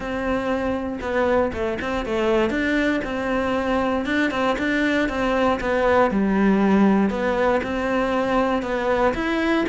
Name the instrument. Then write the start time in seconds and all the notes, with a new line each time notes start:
cello
0.00 C4
1.01 B3
1.53 A3
1.81 C4
2.05 A3
2.50 D4
3.04 C4
4.05 D4
4.31 C4
4.58 D4
5.08 C4
5.60 B3
6.10 G3
7.10 B3
7.63 C4
8.62 B3
9.14 E4